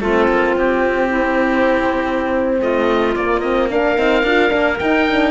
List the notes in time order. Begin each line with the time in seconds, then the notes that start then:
0.00 A3 C4 F4 A4
0.29 A#3
0.55 C4 G4
1.08 E4
2.61 A3 F4 D#5
3.15 A#3 D5
3.40 C4 D#5
3.70 D4 A#4 F5
3.97 C4 D#4
4.23 D4 F4
4.49 A#3 D4
4.78 D#4 G5
5.08 D4